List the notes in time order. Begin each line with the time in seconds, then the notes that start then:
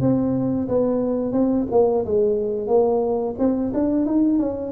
0.00 C4
0.68 B3
1.32 C4
1.71 A#3
2.05 G#3
2.67 A#3
3.38 C4
3.74 D4
4.06 D#4
4.39 C#4